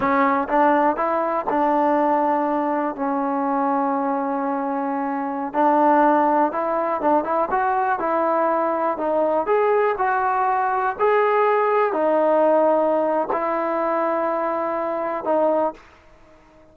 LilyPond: \new Staff \with { instrumentName = "trombone" } { \time 4/4 \tempo 4 = 122 cis'4 d'4 e'4 d'4~ | d'2 cis'2~ | cis'2.~ cis'16 d'8.~ | d'4~ d'16 e'4 d'8 e'8 fis'8.~ |
fis'16 e'2 dis'4 gis'8.~ | gis'16 fis'2 gis'4.~ gis'16~ | gis'16 dis'2~ dis'8. e'4~ | e'2. dis'4 | }